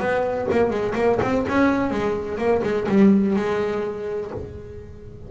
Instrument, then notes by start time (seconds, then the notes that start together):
double bass
0.00 B3
0.51 A#3
0.70 G#3
0.95 A#3
1.22 C4
1.48 C#4
1.91 G#3
2.38 A#3
2.63 G#3
2.89 G3
3.36 G#3